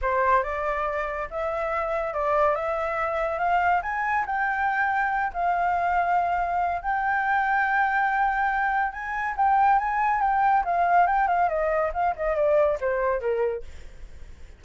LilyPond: \new Staff \with { instrumentName = "flute" } { \time 4/4 \tempo 4 = 141 c''4 d''2 e''4~ | e''4 d''4 e''2 | f''4 gis''4 g''2~ | g''8 f''2.~ f''8 |
g''1~ | g''4 gis''4 g''4 gis''4 | g''4 f''4 g''8 f''8 dis''4 | f''8 dis''8 d''4 c''4 ais'4 | }